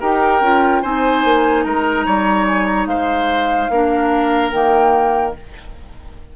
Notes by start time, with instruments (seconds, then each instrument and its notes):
0.00 bassoon D#4, clarinet G4, oboe A#4, flute G5
0.41 bassoon C#4, clarinet F4
0.82 bassoon C4, clarinet D#4, oboe C5, flute G#5
1.24 bassoon A#3
1.63 bassoon G#3, oboe A#4, flute A#5
2.06 bassoon G3, oboe C#5
2.47 flute G#5
2.65 flute A#5
2.86 bassoon G#3, oboe C5, flute F5
3.69 bassoon A#3, clarinet D4, oboe A#4
4.51 bassoon D#3, clarinet A#3, flute G5